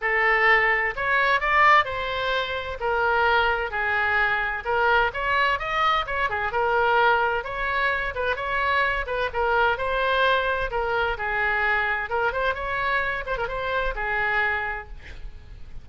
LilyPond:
\new Staff \with { instrumentName = "oboe" } { \time 4/4 \tempo 4 = 129 a'2 cis''4 d''4 | c''2 ais'2 | gis'2 ais'4 cis''4 | dis''4 cis''8 gis'8 ais'2 |
cis''4. b'8 cis''4. b'8 | ais'4 c''2 ais'4 | gis'2 ais'8 c''8 cis''4~ | cis''8 c''16 ais'16 c''4 gis'2 | }